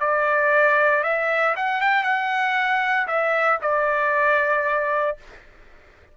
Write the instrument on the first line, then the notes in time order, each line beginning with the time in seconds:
trumpet
0.00 D5
1.03 E5
1.57 F#5
1.81 G5
2.04 F#5
3.08 E5
3.62 D5